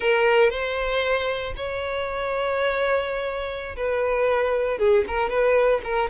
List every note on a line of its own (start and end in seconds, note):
0.00 0.50 A#4
0.50 1.53 C5
1.56 3.76 C#5
3.76 4.78 B4
4.78 5.04 G#4
5.07 5.29 A#4
5.29 5.81 B4
5.83 6.09 A#4